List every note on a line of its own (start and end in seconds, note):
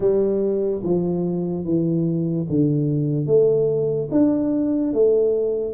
0.00 0.81 G3
0.83 1.64 F3
1.64 2.46 E3
2.49 3.26 D3
3.26 4.08 A3
4.11 4.93 D4
4.93 5.74 A3